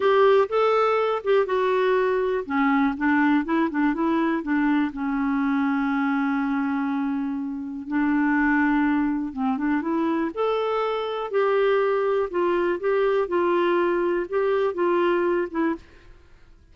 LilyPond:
\new Staff \with { instrumentName = "clarinet" } { \time 4/4 \tempo 4 = 122 g'4 a'4. g'8 fis'4~ | fis'4 cis'4 d'4 e'8 d'8 | e'4 d'4 cis'2~ | cis'1 |
d'2. c'8 d'8 | e'4 a'2 g'4~ | g'4 f'4 g'4 f'4~ | f'4 g'4 f'4. e'8 | }